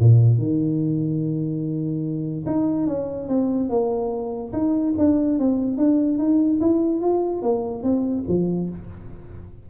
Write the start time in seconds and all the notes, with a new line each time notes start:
0.00 A#2
0.39 D#3
2.47 D#4
2.87 C#4
3.29 C4
3.70 A#3
4.53 D#4
4.98 D4
5.39 C4
5.78 D4
6.19 D#4
6.61 E4
7.02 F4
7.43 A#3
7.83 C4
8.29 F3